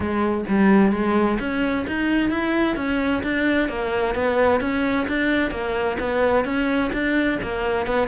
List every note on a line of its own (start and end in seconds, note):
0.00 0.44 G#3
0.48 0.92 G3
0.92 1.38 G#3
1.39 1.85 C#4
1.87 2.30 D#4
2.30 2.76 E4
2.76 3.22 C#4
3.23 3.68 D4
3.68 4.14 A#3
4.14 4.60 B3
4.60 5.06 C#4
5.08 5.50 D4
5.50 5.97 A#3
5.99 6.44 B3
6.44 6.90 C#4
6.92 7.38 D4
7.42 7.86 A#3
7.86 8.07 B3